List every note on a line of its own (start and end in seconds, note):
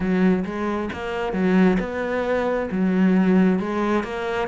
0.00 0.44 F#3
0.45 0.90 G#3
0.92 1.32 A#3
1.32 1.77 F#3
1.79 2.69 B3
2.71 3.59 F#3
3.59 4.03 G#3
4.03 4.48 A#3